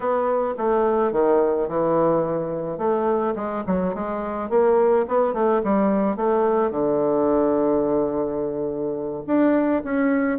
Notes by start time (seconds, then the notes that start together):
0.00 B3
0.57 A3
1.12 D#3
1.68 E3
2.78 A3
3.35 G#3
3.66 F#3
3.94 G#3
4.49 A#3
5.08 B3
5.33 A3
5.63 G3
6.16 A3
6.71 D3
9.27 D4
9.84 C#4